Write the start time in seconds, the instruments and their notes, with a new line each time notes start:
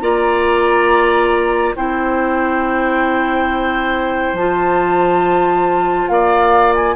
0.00 bassoon A#3, clarinet F4, oboe D5, flute A#5
1.76 bassoon C4, clarinet E4, oboe C5, flute G5
4.33 bassoon F3, clarinet F4, flute A5
6.08 bassoon A#3, oboe D5, flute F5
6.75 flute G#5